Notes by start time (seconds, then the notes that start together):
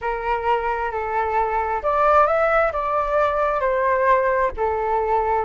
0.01 A#4
0.91 A4
1.82 D5
2.26 E5
2.72 D5
3.60 C5
4.56 A4